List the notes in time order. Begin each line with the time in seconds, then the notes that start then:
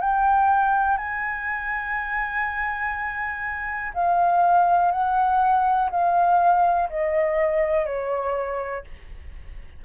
0.00 G5
0.97 G#5
3.94 F5
4.91 F#5
5.91 F5
6.89 D#5
7.86 C#5